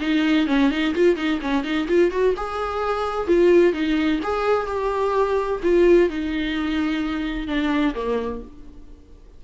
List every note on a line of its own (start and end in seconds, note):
0.00 0.47 D#4
0.47 0.70 C#4
0.71 0.94 D#4
0.95 1.16 F4
1.16 1.40 D#4
1.41 1.64 C#4
1.64 1.87 D#4
1.88 2.11 F4
2.11 2.35 F#4
2.37 3.27 G#4
3.27 3.73 F4
3.73 4.20 D#4
4.23 4.67 G#4
4.67 5.60 G4
5.63 6.09 F4
6.09 7.47 D#4
7.47 7.94 D4
7.95 8.42 A#3